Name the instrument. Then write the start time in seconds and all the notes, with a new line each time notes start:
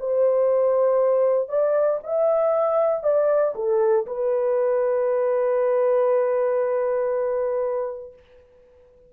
horn
0.00 C5
1.49 D5
2.04 E5
3.04 D5
3.55 A4
4.07 B4